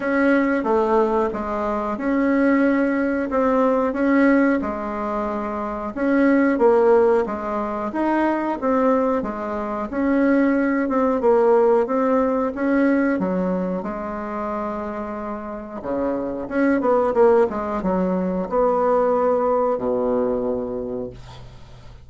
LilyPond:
\new Staff \with { instrumentName = "bassoon" } { \time 4/4 \tempo 4 = 91 cis'4 a4 gis4 cis'4~ | cis'4 c'4 cis'4 gis4~ | gis4 cis'4 ais4 gis4 | dis'4 c'4 gis4 cis'4~ |
cis'8 c'8 ais4 c'4 cis'4 | fis4 gis2. | cis4 cis'8 b8 ais8 gis8 fis4 | b2 b,2 | }